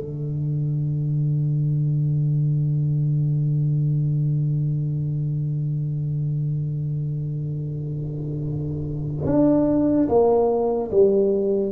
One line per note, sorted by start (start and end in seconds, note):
0.00 9.25 D3
9.26 10.08 D4
10.09 10.91 A#3
10.91 11.73 G3